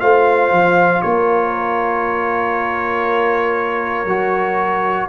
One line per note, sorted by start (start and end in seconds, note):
0.00 0.52 A3
0.00 4.07 F4
0.00 1.03 C5
0.00 1.01 F5
0.52 1.03 F3
1.01 4.06 A#3
1.01 5.09 A#4
1.01 5.08 C#5
4.06 5.07 F#3
4.06 5.09 F#4